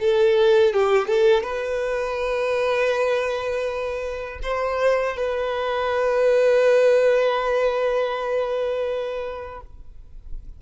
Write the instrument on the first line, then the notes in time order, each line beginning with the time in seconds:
violin
0.00 A4
0.73 G4
1.08 A4
1.43 B4
4.43 C5
5.16 B4